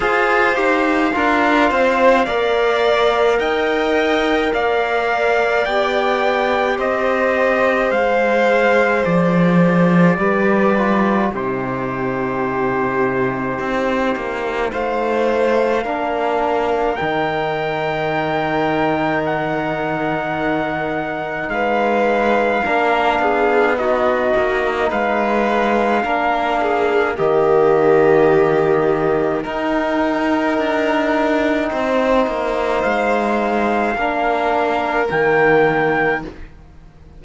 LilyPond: <<
  \new Staff \with { instrumentName = "trumpet" } { \time 4/4 \tempo 4 = 53 f''2. g''4 | f''4 g''4 dis''4 f''4 | d''2 c''2~ | c''4 f''2 g''4~ |
g''4 fis''2 f''4~ | f''4 dis''4 f''2 | dis''2 g''2~ | g''4 f''2 g''4 | }
  \new Staff \with { instrumentName = "violin" } { \time 4/4 c''4 ais'8 c''8 d''4 dis''4 | d''2 c''2~ | c''4 b'4 g'2~ | g'4 c''4 ais'2~ |
ais'2. b'4 | ais'8 gis'8 fis'4 b'4 ais'8 gis'8 | g'2 ais'2 | c''2 ais'2 | }
  \new Staff \with { instrumentName = "trombone" } { \time 4/4 gis'8 g'8 f'4 ais'2~ | ais'4 g'2 gis'4~ | gis'4 g'8 f'8 dis'2~ | dis'2 d'4 dis'4~ |
dis'1 | d'4 dis'2 d'4 | ais2 dis'2~ | dis'2 d'4 ais4 | }
  \new Staff \with { instrumentName = "cello" } { \time 4/4 f'8 dis'8 d'8 c'8 ais4 dis'4 | ais4 b4 c'4 gis4 | f4 g4 c2 | c'8 ais8 a4 ais4 dis4~ |
dis2. gis4 | ais8 b4 ais8 gis4 ais4 | dis2 dis'4 d'4 | c'8 ais8 gis4 ais4 dis4 | }
>>